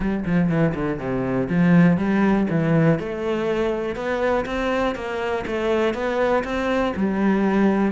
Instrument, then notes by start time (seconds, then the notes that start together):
cello
0.00 G3
0.25 F3
0.49 E3
0.74 D3
0.98 C3
1.49 F3
1.97 G3
2.50 E3
2.99 A3
3.95 B3
4.45 C4
4.95 A#3
5.46 A3
5.94 B3
6.43 C4
6.96 G3